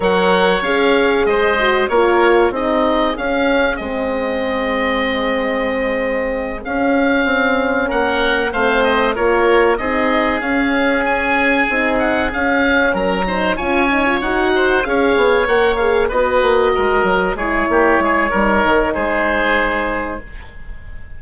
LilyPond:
<<
  \new Staff \with { instrumentName = "oboe" } { \time 4/4 \tempo 4 = 95 fis''4 f''4 dis''4 cis''4 | dis''4 f''4 dis''2~ | dis''2~ dis''8 f''4.~ | f''8 fis''4 f''8 dis''8 cis''4 dis''8~ |
dis''8 f''4 gis''4. fis''8 f''8~ | f''8 ais''4 gis''4 fis''4 f''8~ | f''8 fis''8 f''8 dis''2 cis''8~ | cis''2 c''2 | }
  \new Staff \with { instrumentName = "oboe" } { \time 4/4 cis''2 c''4 ais'4 | gis'1~ | gis'1~ | gis'8 ais'4 c''4 ais'4 gis'8~ |
gis'1~ | gis'8 ais'8 c''8 cis''4. c''8 cis''8~ | cis''4. b'4 ais'4 gis'8 | g'8 gis'8 ais'4 gis'2 | }
  \new Staff \with { instrumentName = "horn" } { \time 4/4 ais'4 gis'4. fis'8 f'4 | dis'4 cis'4 c'2~ | c'2~ c'8 cis'4.~ | cis'4. c'4 f'4 dis'8~ |
dis'8 cis'2 dis'4 cis'8~ | cis'4 dis'8 f'8 dis'16 f'16 fis'4 gis'8~ | gis'8 ais'8 gis'8 fis'2 e'8~ | e'4 dis'2. | }
  \new Staff \with { instrumentName = "bassoon" } { \time 4/4 fis4 cis'4 gis4 ais4 | c'4 cis'4 gis2~ | gis2~ gis8 cis'4 c'8~ | c'8 ais4 a4 ais4 c'8~ |
c'8 cis'2 c'4 cis'8~ | cis'8 fis4 cis'4 dis'4 cis'8 | b8 ais4 b8 ais8 gis8 fis8 gis8 | ais8 gis8 g8 dis8 gis2 | }
>>